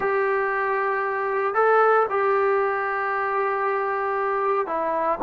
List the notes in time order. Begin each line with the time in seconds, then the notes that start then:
0.00 G4
1.54 A4
2.09 G4
4.66 E4